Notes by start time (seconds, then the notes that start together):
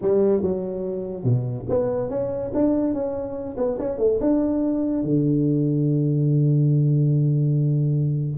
0.01 G3
0.42 F#3
1.24 B2
1.69 B3
2.09 C#4
2.53 D4
2.93 C#4
3.57 B3
3.79 C#4
3.98 A3
4.20 D4
5.03 D3